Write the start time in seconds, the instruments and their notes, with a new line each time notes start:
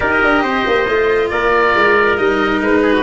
0.00 tuba D#4, cello G4, trumpet A#4, oboe D#5
0.23 tuba D4
0.42 tuba C4, trumpet C5
0.67 tuba A#3
0.88 tuba A3, cello F4
1.30 tuba A#3, trumpet A#4, oboe D5
1.75 tuba G#3
2.16 tuba G3, cello D#4, oboe D#5
2.61 tuba G#3, oboe B4
2.82 trumpet G#4
2.93 trumpet F#4